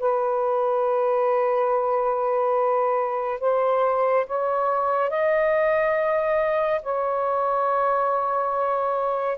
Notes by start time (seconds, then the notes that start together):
0.00 B4
3.41 C5
4.27 C#5
5.10 D#5
6.83 C#5